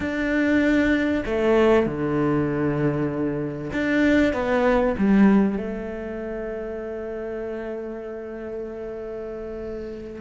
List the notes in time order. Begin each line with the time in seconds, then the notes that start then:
0.00 D4
1.25 A3
1.86 D3
3.73 D4
4.33 B3
4.97 G3
5.57 A3